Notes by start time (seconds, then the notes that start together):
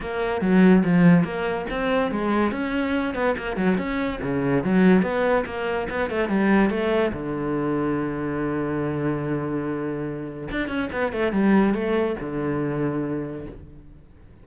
0.00 A#3
0.41 F#3
0.84 F3
1.23 A#3
1.70 C4
2.11 G#3
2.51 C#4
3.14 B3
3.37 A#3
3.56 F#3
3.77 C#4
4.22 C#3
4.64 F#3
5.02 B3
5.45 A#3
5.90 B3
6.10 A3
6.28 G3
6.69 A3
7.12 D3
10.51 D4
10.68 C#4
10.92 B3
11.12 A3
11.32 G3
11.74 A3
12.20 D3